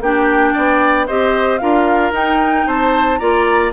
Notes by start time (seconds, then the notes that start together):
0.00 A#3 D4 G4 G5
0.54 B3 D5
1.07 C4 G4 C5 D#5
1.58 D4 F4 A#4 F5
2.12 D#4 G5
2.67 C4 C5 A5
3.18 A#3 F4 D5 A#5